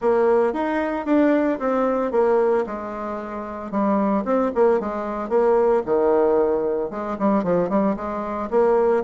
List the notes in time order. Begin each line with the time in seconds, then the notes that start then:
0.01 A#3
0.53 D#4
1.05 D4
1.59 C4
2.11 A#3
2.66 G#3
3.71 G3
4.24 C4
4.54 A#3
4.80 G#3
5.29 A#3
5.85 D#3
6.90 G#3
7.19 G3
7.43 F3
7.69 G3
7.96 G#3
8.50 A#3